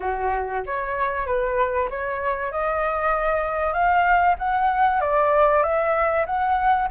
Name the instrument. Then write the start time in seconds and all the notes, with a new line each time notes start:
flute
0.00 F#4
0.66 C#5
1.26 B4
1.89 C#5
2.51 D#5
3.73 F5
4.38 F#5
5.00 D5
5.62 E5
6.26 F#5